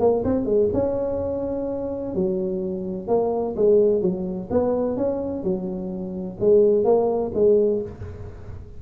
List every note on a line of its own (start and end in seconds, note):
0.00 0.24 A#3
0.25 0.46 C4
0.46 0.69 G#3
0.73 2.15 C#4
2.15 3.08 F#3
3.08 3.55 A#3
3.56 4.02 G#3
4.02 4.49 F#3
4.51 4.97 B3
4.97 5.43 C#4
5.43 6.38 F#3
6.40 6.85 G#3
6.85 7.32 A#3
7.35 7.82 G#3